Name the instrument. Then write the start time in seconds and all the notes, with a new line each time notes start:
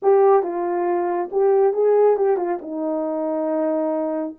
horn
0.02 G4
0.42 F4
1.31 G4
1.73 G#4
2.17 G4
2.36 F4
2.61 D#4